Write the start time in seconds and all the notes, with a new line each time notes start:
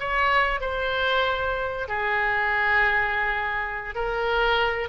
0.00 C#5
0.61 C5
1.88 G#4
3.95 A#4